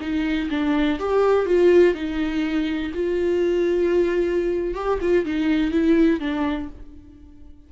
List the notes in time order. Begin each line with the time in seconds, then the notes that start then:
0.00 D#4
0.50 D4
0.99 G4
1.46 F4
1.94 D#4
2.94 F4
4.74 G4
5.01 F4
5.25 D#4
5.71 E4
6.20 D4